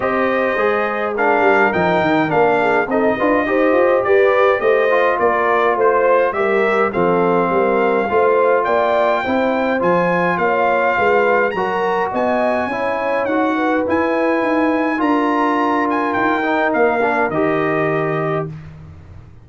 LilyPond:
<<
  \new Staff \with { instrumentName = "trumpet" } { \time 4/4 \tempo 4 = 104 dis''2 f''4 g''4 | f''4 dis''2 d''4 | dis''4 d''4 c''4 e''4 | f''2. g''4~ |
g''4 gis''4 f''2 | ais''4 gis''2 fis''4 | gis''2 ais''4. gis''8 | g''4 f''4 dis''2 | }
  \new Staff \with { instrumentName = "horn" } { \time 4/4 c''2 ais'2~ | ais'8 gis'8 a'8 b'8 c''4 b'4 | c''4 ais'4 c''4 ais'4 | a'4 ais'4 c''4 d''4 |
c''2 cis''4 b'4 | ais'4 dis''4 cis''4. b'8~ | b'2 ais'2~ | ais'1 | }
  \new Staff \with { instrumentName = "trombone" } { \time 4/4 g'4 gis'4 d'4 dis'4 | d'4 dis'8 f'8 g'2~ | g'8 f'2~ f'8 g'4 | c'2 f'2 |
e'4 f'2. | fis'2 e'4 fis'4 | e'2 f'2~ | f'8 dis'4 d'8 g'2 | }
  \new Staff \with { instrumentName = "tuba" } { \time 4/4 c'4 gis4. g8 f8 dis8 | ais4 c'8 d'8 dis'8 f'8 g'4 | a4 ais4 a4 g4 | f4 g4 a4 ais4 |
c'4 f4 ais4 gis4 | fis4 b4 cis'4 dis'4 | e'4 dis'4 d'2 | dis'4 ais4 dis2 | }
>>